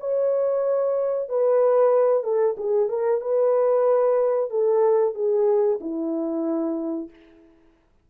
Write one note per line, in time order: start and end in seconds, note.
0.00 1.29 C#5
1.29 2.23 B4
2.23 2.56 A4
2.57 2.89 G#4
2.89 3.21 A#4
3.21 4.50 B4
4.50 5.14 A4
5.14 5.79 G#4
5.81 7.10 E4